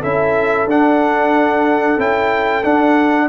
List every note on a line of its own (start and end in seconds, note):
0.00 0.66 C#4
0.00 0.67 E4
0.00 3.26 A4
0.00 0.68 E5
0.66 1.96 D4
0.66 1.98 D4
0.66 2.00 F#5
1.97 2.63 C#4
1.97 2.63 E4
1.97 2.63 G5
2.63 3.28 D4
2.63 3.28 F#5